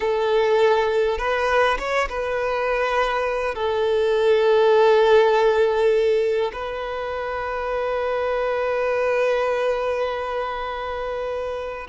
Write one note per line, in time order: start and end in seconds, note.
0.00 1.18 A4
1.18 1.77 B4
1.78 2.08 C#5
2.09 3.54 B4
3.54 6.51 A4
6.52 11.87 B4